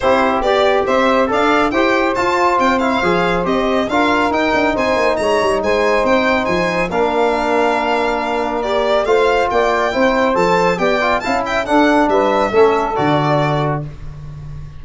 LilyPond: <<
  \new Staff \with { instrumentName = "violin" } { \time 4/4 \tempo 4 = 139 c''4 d''4 e''4 f''4 | g''4 a''4 g''8 f''4. | dis''4 f''4 g''4 gis''4 | ais''4 gis''4 g''4 gis''4 |
f''1 | d''4 f''4 g''2 | a''4 g''4 a''8 g''8 fis''4 | e''2 d''2 | }
  \new Staff \with { instrumentName = "saxophone" } { \time 4/4 g'2 c''4 d''4 | c''1~ | c''4 ais'2 c''4 | cis''4 c''2. |
ais'1~ | ais'4 c''4 d''4 c''4~ | c''4 d''4 f''8 e''8 a'4 | b'4 a'2. | }
  \new Staff \with { instrumentName = "trombone" } { \time 4/4 e'4 g'2 a'4 | g'4 f'4. e'8 gis'4 | g'4 f'4 dis'2~ | dis'1 |
d'1 | g'4 f'2 e'4 | a'4 g'8 f'8 e'4 d'4~ | d'4 cis'4 fis'2 | }
  \new Staff \with { instrumentName = "tuba" } { \time 4/4 c'4 b4 c'4 d'4 | e'4 f'4 c'4 f4 | c'4 d'4 dis'8 d'8 c'8 ais8 | gis8 g8 gis4 c'4 f4 |
ais1~ | ais4 a4 ais4 c'4 | f4 b4 cis'4 d'4 | g4 a4 d2 | }
>>